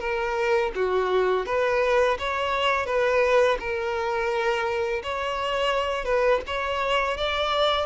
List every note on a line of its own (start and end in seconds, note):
0.00 0.71 A#4
0.75 1.46 F#4
1.46 2.18 B4
2.19 2.86 C#5
2.86 3.57 B4
3.59 5.02 A#4
5.03 6.05 C#5
6.05 6.41 B4
6.46 7.17 C#5
7.17 7.86 D5